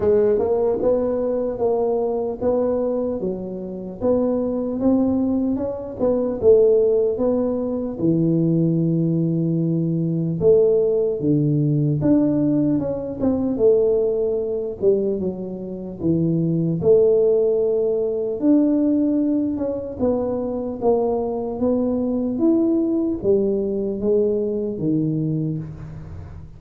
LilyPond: \new Staff \with { instrumentName = "tuba" } { \time 4/4 \tempo 4 = 75 gis8 ais8 b4 ais4 b4 | fis4 b4 c'4 cis'8 b8 | a4 b4 e2~ | e4 a4 d4 d'4 |
cis'8 c'8 a4. g8 fis4 | e4 a2 d'4~ | d'8 cis'8 b4 ais4 b4 | e'4 g4 gis4 dis4 | }